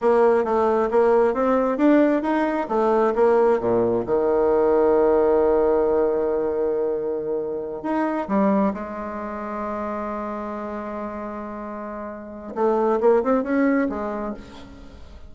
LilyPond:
\new Staff \with { instrumentName = "bassoon" } { \time 4/4 \tempo 4 = 134 ais4 a4 ais4 c'4 | d'4 dis'4 a4 ais4 | ais,4 dis2.~ | dis1~ |
dis4. dis'4 g4 gis8~ | gis1~ | gis1 | a4 ais8 c'8 cis'4 gis4 | }